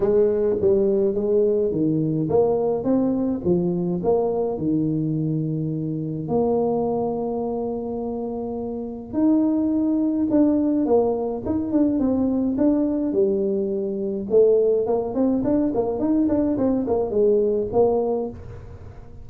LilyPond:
\new Staff \with { instrumentName = "tuba" } { \time 4/4 \tempo 4 = 105 gis4 g4 gis4 dis4 | ais4 c'4 f4 ais4 | dis2. ais4~ | ais1 |
dis'2 d'4 ais4 | dis'8 d'8 c'4 d'4 g4~ | g4 a4 ais8 c'8 d'8 ais8 | dis'8 d'8 c'8 ais8 gis4 ais4 | }